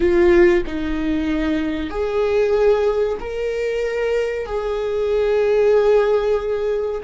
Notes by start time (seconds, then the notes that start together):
0.00 F4
0.66 D#4
1.90 G#4
3.19 A#4
4.46 G#4